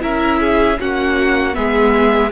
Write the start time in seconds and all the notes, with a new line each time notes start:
0.00 C#4 E4 A#4 E5
0.40 G#4
0.79 A#3 C#4 F#4 F#5
1.53 G#3 B3 G#4 E5